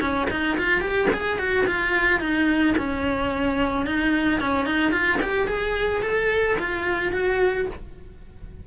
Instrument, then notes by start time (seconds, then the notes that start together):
cello
0.00 C#4
0.30 D#4
0.58 F4
0.81 G4
1.13 G#4
1.39 F#4
1.66 F4
2.20 D#4
2.77 C#4
3.86 D#4
4.40 C#4
4.65 D#4
4.91 F4
5.21 G4
5.47 G#4
6.02 A4
6.59 F4
7.12 F#4